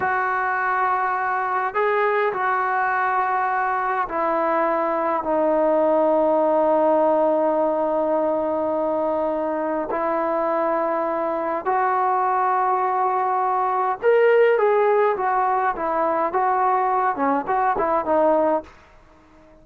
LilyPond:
\new Staff \with { instrumentName = "trombone" } { \time 4/4 \tempo 4 = 103 fis'2. gis'4 | fis'2. e'4~ | e'4 dis'2.~ | dis'1~ |
dis'4 e'2. | fis'1 | ais'4 gis'4 fis'4 e'4 | fis'4. cis'8 fis'8 e'8 dis'4 | }